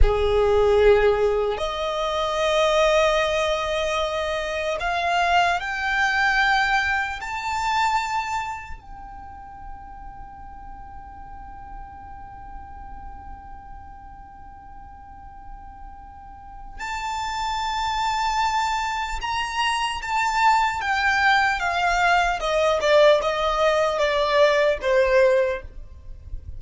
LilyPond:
\new Staff \with { instrumentName = "violin" } { \time 4/4 \tempo 4 = 75 gis'2 dis''2~ | dis''2 f''4 g''4~ | g''4 a''2 g''4~ | g''1~ |
g''1~ | g''4 a''2. | ais''4 a''4 g''4 f''4 | dis''8 d''8 dis''4 d''4 c''4 | }